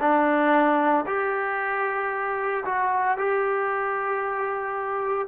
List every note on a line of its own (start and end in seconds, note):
0.00 1.05 D4
1.06 2.64 G4
2.65 3.18 F#4
3.18 5.28 G4